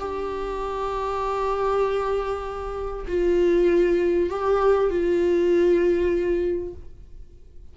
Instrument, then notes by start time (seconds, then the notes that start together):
viola
0.00 G4
3.08 F4
4.30 G4
4.90 F4